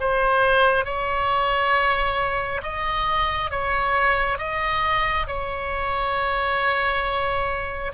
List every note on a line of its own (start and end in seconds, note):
0.00 0.85 C5
0.85 2.61 C#5
2.62 3.51 D#5
3.51 4.38 C#5
4.38 5.26 D#5
5.27 7.92 C#5